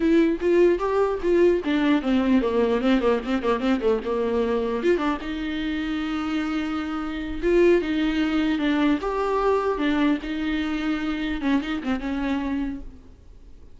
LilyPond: \new Staff \with { instrumentName = "viola" } { \time 4/4 \tempo 4 = 150 e'4 f'4 g'4 f'4 | d'4 c'4 ais4 c'8 ais8 | c'8 ais8 c'8 a8 ais2 | f'8 d'8 dis'2.~ |
dis'2~ dis'8 f'4 dis'8~ | dis'4. d'4 g'4.~ | g'8 d'4 dis'2~ dis'8~ | dis'8 cis'8 dis'8 c'8 cis'2 | }